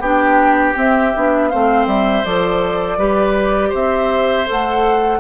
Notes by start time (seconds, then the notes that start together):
0.00 B3 D4 G4 G5
0.75 C4 E5
1.16 B3 D4
1.49 A3 C4 C5 F5
1.87 G3 E5
2.25 F3 A4 D5
2.98 G3 G4 B4
3.69 C4 C5 E5
4.46 A4 F#5
4.52 A3